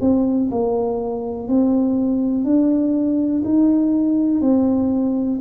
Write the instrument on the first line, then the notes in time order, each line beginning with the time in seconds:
tuba
0.00 C4
0.51 A#3
1.48 C4
2.44 D4
3.44 D#4
4.40 C4